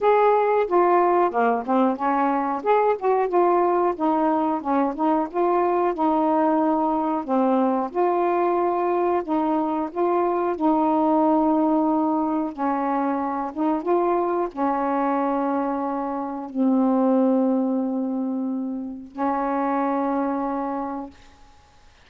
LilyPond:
\new Staff \with { instrumentName = "saxophone" } { \time 4/4 \tempo 4 = 91 gis'4 f'4 ais8 c'8 cis'4 | gis'8 fis'8 f'4 dis'4 cis'8 dis'8 | f'4 dis'2 c'4 | f'2 dis'4 f'4 |
dis'2. cis'4~ | cis'8 dis'8 f'4 cis'2~ | cis'4 c'2.~ | c'4 cis'2. | }